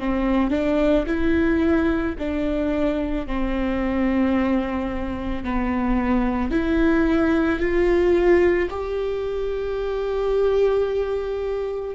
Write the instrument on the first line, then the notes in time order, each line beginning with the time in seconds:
viola
0.00 C4
0.51 D4
1.07 E4
2.19 D4
3.27 C4
5.44 B3
6.51 E4
7.60 F4
8.71 G4